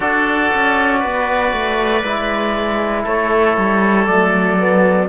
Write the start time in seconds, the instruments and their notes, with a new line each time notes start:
0.00 cello D4, trombone F#4, oboe A4, trumpet D5
0.54 cello C#4
0.99 cello B3, oboe B4
1.52 cello A3
2.03 cello G#3, trombone E4
3.03 cello A3, oboe A4, trumpet C#5
3.57 cello G3
4.06 cello F#3, trombone A3, trumpet D5
4.58 trombone B3